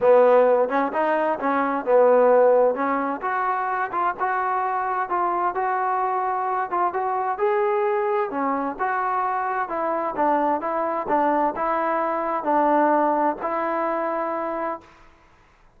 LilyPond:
\new Staff \with { instrumentName = "trombone" } { \time 4/4 \tempo 4 = 130 b4. cis'8 dis'4 cis'4 | b2 cis'4 fis'4~ | fis'8 f'8 fis'2 f'4 | fis'2~ fis'8 f'8 fis'4 |
gis'2 cis'4 fis'4~ | fis'4 e'4 d'4 e'4 | d'4 e'2 d'4~ | d'4 e'2. | }